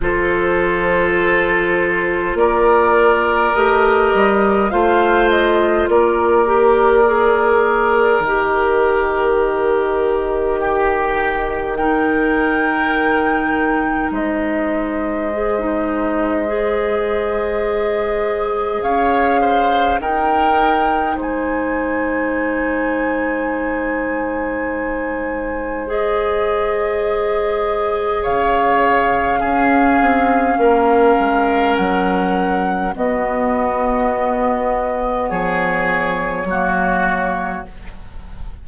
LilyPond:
<<
  \new Staff \with { instrumentName = "flute" } { \time 4/4 \tempo 4 = 51 c''2 d''4 dis''4 | f''8 dis''8 d''2 dis''4~ | dis''2 g''2 | dis''1 |
f''4 g''4 gis''2~ | gis''2 dis''2 | f''2. fis''4 | dis''2 cis''2 | }
  \new Staff \with { instrumentName = "oboe" } { \time 4/4 a'2 ais'2 | c''4 ais'2.~ | ais'4 g'4 ais'2 | c''1 |
cis''8 c''8 ais'4 c''2~ | c''1 | cis''4 gis'4 ais'2 | fis'2 gis'4 fis'4 | }
  \new Staff \with { instrumentName = "clarinet" } { \time 4/4 f'2. g'4 | f'4. g'8 gis'4 g'4~ | g'2 dis'2~ | dis'4 gis'16 dis'8. gis'2~ |
gis'4 dis'2.~ | dis'2 gis'2~ | gis'4 cis'2. | b2. ais4 | }
  \new Staff \with { instrumentName = "bassoon" } { \time 4/4 f2 ais4 a8 g8 | a4 ais2 dis4~ | dis1 | gis1 |
cis'4 dis'4 gis2~ | gis1 | cis4 cis'8 c'8 ais8 gis8 fis4 | b2 f4 fis4 | }
>>